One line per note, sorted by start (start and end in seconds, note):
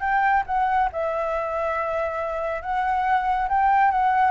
0.00 0.43 G5
0.46 0.89 F#5
0.92 2.62 E5
2.62 3.48 F#5
3.48 3.91 G5
3.91 4.31 F#5